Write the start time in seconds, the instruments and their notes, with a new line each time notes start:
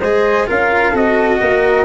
0.00 tuba G#3, cello G#4, flute C5, trumpet D#5
0.47 tuba C#4, cello F4, flute A#4, trumpet F5
0.91 tuba C4, cello F#4, flute A4, trumpet D#5
1.40 tuba A#3, flute A#4